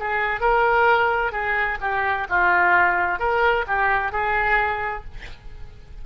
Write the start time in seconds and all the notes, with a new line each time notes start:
0.00 G#4
0.41 A#4
1.33 G#4
1.82 G4
2.30 F4
3.20 A#4
3.68 G4
4.12 G#4